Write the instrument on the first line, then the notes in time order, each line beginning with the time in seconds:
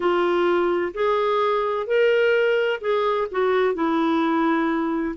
clarinet
0.00 F4
0.94 G#4
1.86 A#4
2.80 G#4
3.31 F#4
3.74 E4